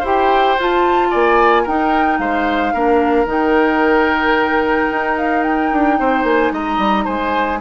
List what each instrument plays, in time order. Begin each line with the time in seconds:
0.00 bassoon E4, clarinet G4, oboe C5
0.06 flute G5
0.59 bassoon F4, clarinet F4, flute A5
1.11 bassoon A#3, oboe D5, flute G#5
1.63 bassoon D#4, clarinet D#4, oboe A#4, flute G5
2.19 bassoon G#3, oboe C5, flute F5
2.74 bassoon A#3, clarinet D4, oboe A#4
3.26 bassoon D#3, clarinet D#4, flute G5
4.91 bassoon D#4
5.18 flute F5
5.43 flute G5
5.73 bassoon D4
6.00 bassoon C4, oboe C5
6.24 bassoon A#3, flute G#5
6.52 bassoon G#3, oboe D#5, flute A#5
6.78 bassoon G3
7.05 bassoon G#3, oboe C5, flute G#5